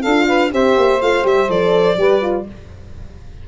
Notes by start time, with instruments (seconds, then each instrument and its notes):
0.00 tuba D4, saxophone A4, violin F5
0.06 horn F4
0.27 saxophone B4
0.51 tuba C4, horn G4, saxophone C5, violin E5
0.77 tuba A#3
1.01 tuba A3, horn F4, violin F5
1.23 tuba G3, horn G4, violin E5
1.48 tuba F3, horn A4, violin D5
1.97 tuba G3, horn G4, saxophone B4
2.22 horn F4